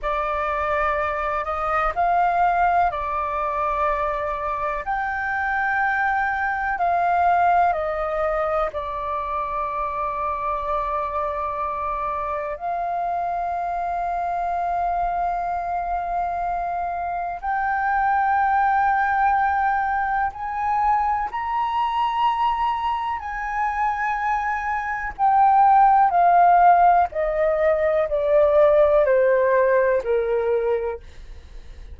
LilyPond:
\new Staff \with { instrumentName = "flute" } { \time 4/4 \tempo 4 = 62 d''4. dis''8 f''4 d''4~ | d''4 g''2 f''4 | dis''4 d''2.~ | d''4 f''2.~ |
f''2 g''2~ | g''4 gis''4 ais''2 | gis''2 g''4 f''4 | dis''4 d''4 c''4 ais'4 | }